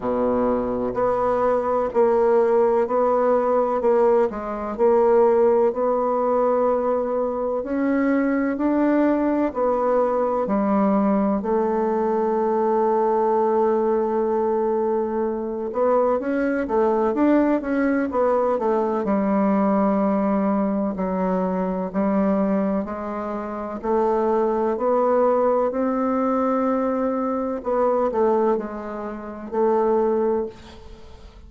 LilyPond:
\new Staff \with { instrumentName = "bassoon" } { \time 4/4 \tempo 4 = 63 b,4 b4 ais4 b4 | ais8 gis8 ais4 b2 | cis'4 d'4 b4 g4 | a1~ |
a8 b8 cis'8 a8 d'8 cis'8 b8 a8 | g2 fis4 g4 | gis4 a4 b4 c'4~ | c'4 b8 a8 gis4 a4 | }